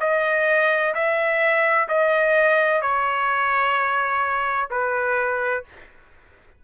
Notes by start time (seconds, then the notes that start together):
0.00 D#5
0.95 E5
1.88 D#5
2.82 C#5
4.70 B4